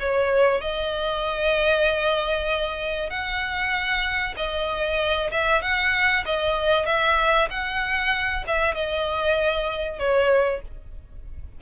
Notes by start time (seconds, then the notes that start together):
0.00 C#5
0.61 D#5
3.10 F#5
4.37 D#5
5.31 E5
5.62 F#5
6.26 D#5
6.86 E5
7.51 F#5
8.47 E5
8.75 D#5
9.99 C#5